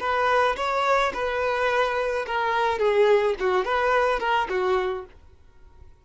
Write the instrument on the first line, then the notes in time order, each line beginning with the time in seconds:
violin
0.00 B4
0.56 C#5
1.13 B4
2.26 A#4
2.79 G#4
3.39 F#4
3.64 B4
4.20 A#4
4.49 F#4